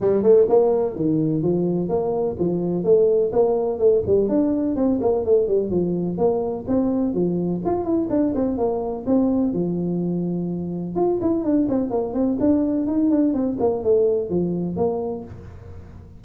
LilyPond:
\new Staff \with { instrumentName = "tuba" } { \time 4/4 \tempo 4 = 126 g8 a8 ais4 dis4 f4 | ais4 f4 a4 ais4 | a8 g8 d'4 c'8 ais8 a8 g8 | f4 ais4 c'4 f4 |
f'8 e'8 d'8 c'8 ais4 c'4 | f2. f'8 e'8 | d'8 c'8 ais8 c'8 d'4 dis'8 d'8 | c'8 ais8 a4 f4 ais4 | }